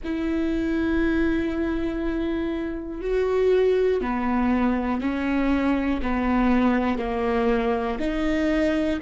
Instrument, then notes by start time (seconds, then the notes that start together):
viola
0.04 E4
3.00 F#4
4.01 B3
5.00 C#4
6.01 B3
6.98 A#3
7.99 D#4